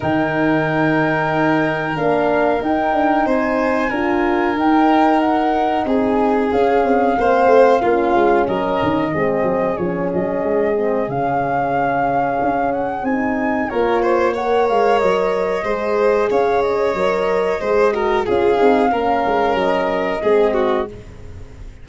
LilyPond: <<
  \new Staff \with { instrumentName = "flute" } { \time 4/4 \tempo 4 = 92 g''2. f''4 | g''4 gis''2 g''4 | fis''4 gis''4 f''2~ | f''4 dis''2 cis''8 dis''8~ |
dis''4 f''2~ f''8 fis''8 | gis''4 cis''4 fis''8 f''8 dis''4~ | dis''4 f''8 dis''2~ dis''8 | f''2 dis''2 | }
  \new Staff \with { instrumentName = "violin" } { \time 4/4 ais'1~ | ais'4 c''4 ais'2~ | ais'4 gis'2 c''4 | f'4 ais'4 gis'2~ |
gis'1~ | gis'4 ais'8 c''8 cis''2 | c''4 cis''2 c''8 ais'8 | gis'4 ais'2 gis'8 fis'8 | }
  \new Staff \with { instrumentName = "horn" } { \time 4/4 dis'2. d'4 | dis'2 f'4 dis'4~ | dis'2 cis'4 c'4 | cis'2 c'4 cis'4~ |
cis'8 c'8 cis'2. | dis'4 f'4 ais'2 | gis'2 ais'4 gis'8 fis'8 | f'8 dis'8 cis'2 c'4 | }
  \new Staff \with { instrumentName = "tuba" } { \time 4/4 dis2. ais4 | dis'8 d'8 c'4 d'4 dis'4~ | dis'4 c'4 cis'8 c'8 ais8 a8 | ais8 gis8 fis8 dis8 gis8 fis8 f8 fis8 |
gis4 cis2 cis'4 | c'4 ais4. gis8 fis4 | gis4 cis'4 fis4 gis4 | cis'8 c'8 ais8 gis8 fis4 gis4 | }
>>